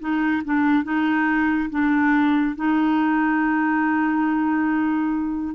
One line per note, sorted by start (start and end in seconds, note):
0.00 0.43 D#4
0.45 0.84 D4
0.84 1.69 D#4
1.70 2.56 D4
2.56 5.55 D#4